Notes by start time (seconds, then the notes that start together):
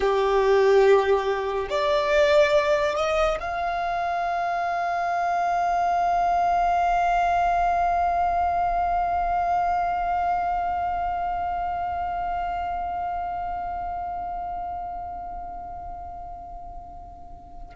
0.00 G4
1.69 D5
2.95 D#5
3.40 F5